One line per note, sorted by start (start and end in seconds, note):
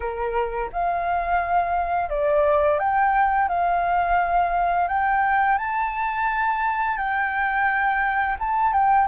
0.00 0.70 A#4
0.72 2.09 F5
2.09 2.79 D5
2.79 3.48 G5
3.48 4.87 F5
4.88 5.58 G5
5.58 6.97 A5
6.97 8.36 G5
8.39 8.72 A5
8.72 9.07 G5